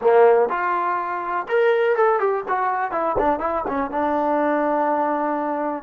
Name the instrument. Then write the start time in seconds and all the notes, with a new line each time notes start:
trombone
0.01 A#3
0.49 F4
1.48 A#4
1.96 A4
2.19 G4
2.48 F#4
2.91 E4
3.18 D4
3.39 E4
3.67 C#4
3.90 D4